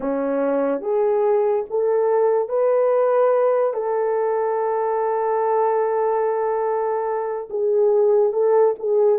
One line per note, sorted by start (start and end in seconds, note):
0.00 0.81 C#4
0.81 1.64 G#4
1.70 2.48 A4
2.48 3.73 B4
3.73 7.48 A4
7.50 8.33 G#4
8.33 8.74 A4
8.79 9.19 G#4